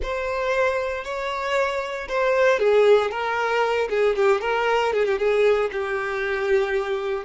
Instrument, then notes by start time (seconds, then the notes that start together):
violin
0.02 C5
1.04 C#5
2.08 C5
2.59 G#4
3.10 A#4
3.89 G#4
4.15 G4
4.41 A#4
4.93 G#4
5.05 G4
5.18 G#4
5.72 G4